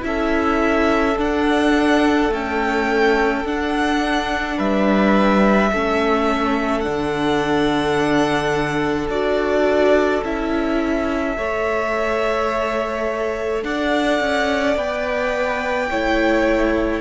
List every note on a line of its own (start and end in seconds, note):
0.00 1.17 C#4
0.00 1.13 E4
0.00 4.56 A4
0.00 1.17 E5
1.17 2.29 D4
1.17 2.31 D4
1.17 2.33 F#5
2.29 3.42 A3
2.29 3.44 C#4
2.29 3.46 G5
3.44 4.57 D4
3.44 5.72 D4
3.44 4.58 F#5
4.56 5.71 G3
4.56 5.70 B4
4.56 6.80 E5
5.72 6.85 A3
5.72 6.83 C#4
5.72 11.37 A4
6.80 9.08 D3
6.80 9.09 D4
6.80 9.07 F#5
9.08 10.21 D4
9.08 10.23 F#4
9.08 10.23 D5
10.23 11.36 C#4
10.23 11.37 E4
10.23 13.63 E5
11.37 13.63 A3
11.37 14.76 A4
11.37 13.63 C#5
13.63 14.20 D4
13.63 15.90 D5
13.63 14.76 F#5
14.20 14.76 C#4
14.76 15.89 B3
14.76 15.90 B4
14.76 17.00 G5
15.90 17.00 A3
15.90 17.00 E4
15.90 17.00 C#5